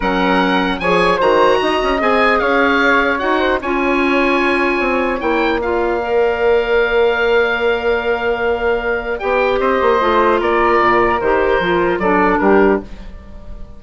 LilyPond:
<<
  \new Staff \with { instrumentName = "oboe" } { \time 4/4 \tempo 4 = 150 fis''2 gis''4 ais''4~ | ais''4 gis''4 f''2 | fis''4 gis''2.~ | gis''4 g''4 f''2~ |
f''1~ | f''2. g''4 | dis''2 d''2 | c''2 d''4 ais'4 | }
  \new Staff \with { instrumentName = "flute" } { \time 4/4 ais'2 cis''4 c''4 | dis''2 cis''2~ | cis''8 c''8 cis''2.~ | cis''2 d''2~ |
d''1~ | d''1 | c''2 ais'2~ | ais'2 a'4 g'4 | }
  \new Staff \with { instrumentName = "clarinet" } { \time 4/4 cis'2 gis'4 fis'4~ | fis'4 gis'2. | fis'4 f'2.~ | f'4 e'4 f'4 ais'4~ |
ais'1~ | ais'2. g'4~ | g'4 f'2. | g'4 f'4 d'2 | }
  \new Staff \with { instrumentName = "bassoon" } { \time 4/4 fis2 f4 dis4 | dis'8 cis'8 c'4 cis'2 | dis'4 cis'2. | c'4 ais2.~ |
ais1~ | ais2. b4 | c'8 ais8 a4 ais4 ais,4 | dis4 f4 fis4 g4 | }
>>